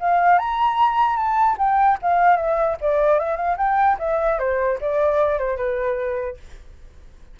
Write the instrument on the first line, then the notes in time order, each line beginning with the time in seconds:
flute
0.00 F5
0.38 A#5
1.17 A5
1.58 G5
2.02 F5
2.37 E5
2.81 D5
3.19 E5
3.37 F5
3.57 G5
3.99 E5
4.39 C5
4.81 D5
5.39 C5
5.57 B4